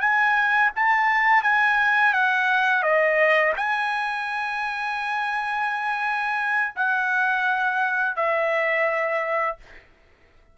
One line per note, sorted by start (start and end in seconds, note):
0.00 0.71 G#5
0.75 1.42 A5
1.42 2.13 G#5
2.13 2.82 F#5
2.82 3.53 D#5
3.56 6.74 G#5
6.75 8.16 F#5
8.16 9.57 E5